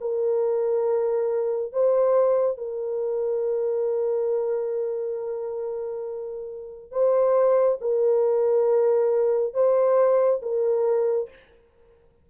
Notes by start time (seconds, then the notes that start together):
0.00 A#4
1.72 C5
2.57 A#4
6.91 C5
7.81 A#4
9.53 C5
10.42 A#4